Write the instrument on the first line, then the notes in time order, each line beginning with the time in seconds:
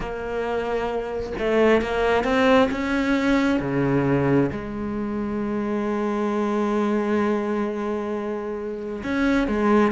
cello
0.00 A#3
1.39 A3
1.81 A#3
2.24 C4
2.71 C#4
3.60 C#3
4.51 G#3
9.03 C#4
9.47 G#3